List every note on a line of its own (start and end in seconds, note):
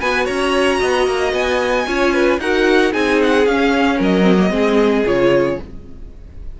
0.00 0.28 B3
0.00 1.87 F#4
0.00 0.25 B4
0.00 0.26 G#5
0.25 0.82 C#4
0.25 0.78 C#5
0.25 1.32 A#5
0.79 1.07 B3
0.79 1.85 D#5
1.07 1.33 A#3
1.33 1.86 B3
1.33 2.39 G#5
1.87 2.38 C#4
1.87 2.40 F4
1.87 2.14 C#5
2.14 2.40 B4
2.38 2.91 D#4
2.38 2.91 F#4
2.38 2.92 A#4
2.38 2.93 F#5
2.91 3.46 C4
2.91 3.45 D#4
2.91 3.96 G#4
2.91 3.19 G#5
3.22 3.46 F#5
3.46 3.99 C#4
3.46 4.22 C#4
3.46 3.99 F5
3.96 4.50 F#3
3.96 4.49 A#4
4.02 5.07 D#5
4.22 4.35 C4
4.37 4.50 A#3
4.50 5.03 G#3
4.50 5.03 C4
4.50 5.60 G#4
5.05 5.59 C#3
5.05 5.59 F4
5.05 5.60 C#5